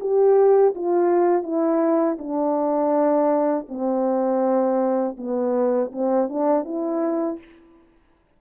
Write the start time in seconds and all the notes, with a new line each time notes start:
0.00 G4
0.75 F4
1.43 E4
2.18 D4
3.68 C4
5.17 B3
5.92 C4
6.29 D4
6.64 E4